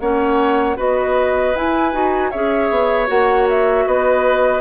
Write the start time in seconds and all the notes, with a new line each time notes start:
0.00 A#3 C#4 C#5 F#5
0.77 B3 F#4 B4 D#5
1.55 E4 G#5
1.92 D#4 F#4
2.31 C#4 G#4 C#5 E5
2.70 B3
3.07 A#3 F#4 F#5
3.49 E5
3.86 B3 B4 D#5